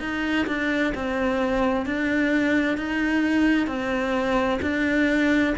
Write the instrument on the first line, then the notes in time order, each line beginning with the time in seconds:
cello
0.00 D#4
0.47 D4
0.95 C4
1.86 D4
2.78 D#4
3.68 C4
4.62 D4